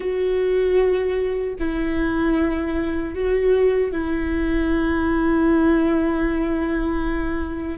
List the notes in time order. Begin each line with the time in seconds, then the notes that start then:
0.00 F#4
1.59 E4
3.14 F#4
3.91 E4